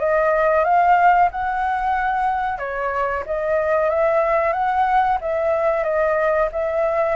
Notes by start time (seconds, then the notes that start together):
0.00 D#5
0.65 F5
1.32 F#5
2.59 C#5
3.26 D#5
3.90 E5
4.53 F#5
5.21 E5
5.84 D#5
6.52 E5